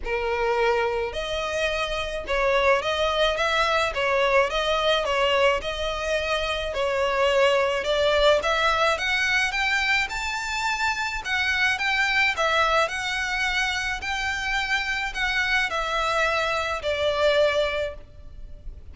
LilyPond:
\new Staff \with { instrumentName = "violin" } { \time 4/4 \tempo 4 = 107 ais'2 dis''2 | cis''4 dis''4 e''4 cis''4 | dis''4 cis''4 dis''2 | cis''2 d''4 e''4 |
fis''4 g''4 a''2 | fis''4 g''4 e''4 fis''4~ | fis''4 g''2 fis''4 | e''2 d''2 | }